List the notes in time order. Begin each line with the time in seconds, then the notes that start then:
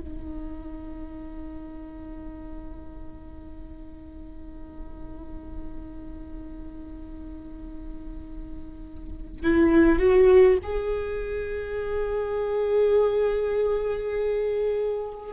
0.00 D#4
9.43 E4
9.98 F#4
10.63 G#4